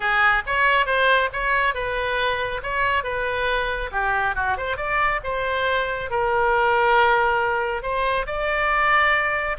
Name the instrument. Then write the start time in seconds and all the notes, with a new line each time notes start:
oboe
0.00 G#4
0.46 C#5
0.85 C5
1.33 C#5
1.74 B4
2.62 C#5
3.03 B4
3.91 G4
4.35 F#4
4.57 C5
4.76 D5
5.23 C5
6.10 A#4
7.82 C5
8.26 D5